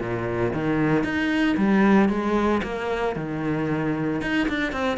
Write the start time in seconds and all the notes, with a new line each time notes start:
0.00 A#2
0.53 D#3
1.04 D#4
1.57 G3
2.09 G#3
2.63 A#3
3.16 D#3
4.22 D#4
4.49 D4
4.72 C4